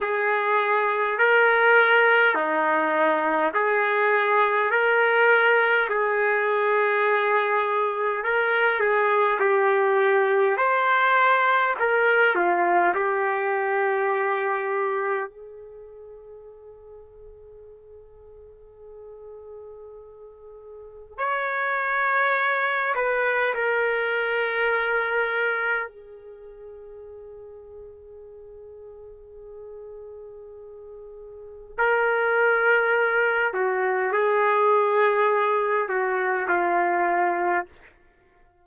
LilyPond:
\new Staff \with { instrumentName = "trumpet" } { \time 4/4 \tempo 4 = 51 gis'4 ais'4 dis'4 gis'4 | ais'4 gis'2 ais'8 gis'8 | g'4 c''4 ais'8 f'8 g'4~ | g'4 gis'2.~ |
gis'2 cis''4. b'8 | ais'2 gis'2~ | gis'2. ais'4~ | ais'8 fis'8 gis'4. fis'8 f'4 | }